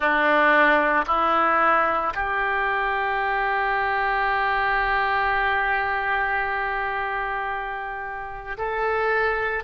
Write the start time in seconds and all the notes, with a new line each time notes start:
0.00 D4
1.06 E4
2.14 G4
8.57 A4